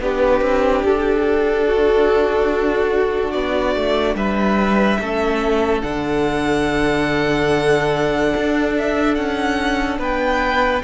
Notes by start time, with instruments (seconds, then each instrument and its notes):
0.00 cello B3, viola D4, violin G4 B4
0.42 cello C4
0.84 cello D4, violin A4
1.67 violin F#4
3.32 cello B3, violin D5
3.76 cello A3
4.15 cello G3, violin B4 E5
4.99 cello A3, viola C#4, violin A4
5.82 cello D3, viola D4, violin F#5
8.37 cello D4
8.78 violin E5
9.15 cello C#4, violin F#5
9.99 cello B3, violin B4 G5